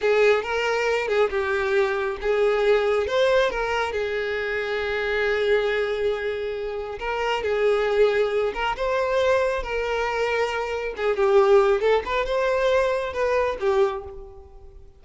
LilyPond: \new Staff \with { instrumentName = "violin" } { \time 4/4 \tempo 4 = 137 gis'4 ais'4. gis'8 g'4~ | g'4 gis'2 c''4 | ais'4 gis'2.~ | gis'1 |
ais'4 gis'2~ gis'8 ais'8 | c''2 ais'2~ | ais'4 gis'8 g'4. a'8 b'8 | c''2 b'4 g'4 | }